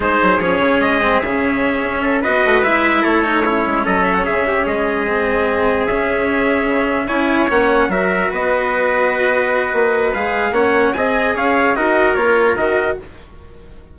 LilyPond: <<
  \new Staff \with { instrumentName = "trumpet" } { \time 4/4 \tempo 4 = 148 c''4 cis''4 dis''4 e''4~ | e''4. dis''4 e''4 cis''8~ | cis''4. dis''8 e''16 fis''16 e''4 dis''8~ | dis''2~ dis''8 e''4.~ |
e''4. gis''4 fis''4 e''8~ | e''8 dis''2.~ dis''8~ | dis''4 f''4 fis''4 gis''4 | f''4 dis''4 cis''4 dis''4 | }
  \new Staff \with { instrumentName = "trumpet" } { \time 4/4 gis'1~ | gis'4 a'8 b'2 a'8~ | a'8 e'4 a'4 gis'8 g'8 gis'8~ | gis'1~ |
gis'4. cis''2 ais'8~ | ais'8 b'2.~ b'8~ | b'2 cis''4 dis''4 | cis''4 ais'2. | }
  \new Staff \with { instrumentName = "cello" } { \time 4/4 dis'4 cis'4. c'8 cis'4~ | cis'4. fis'4 e'4. | dis'8 cis'2.~ cis'8~ | cis'8 c'2 cis'4.~ |
cis'4. e'4 cis'4 fis'8~ | fis'1~ | fis'4 gis'4 cis'4 gis'4~ | gis'4 fis'4 f'4 fis'4 | }
  \new Staff \with { instrumentName = "bassoon" } { \time 4/4 gis8 fis8 f8 cis8 gis4 cis4~ | cis8 cis'4 b8 a8 gis4 a8~ | a4 gis8 fis4 cis4 gis8~ | gis2~ gis8 cis'4.~ |
cis'8 cis4 cis'4 ais4 fis8~ | fis8 b2.~ b8 | ais4 gis4 ais4 c'4 | cis'4 dis'4 ais4 dis4 | }
>>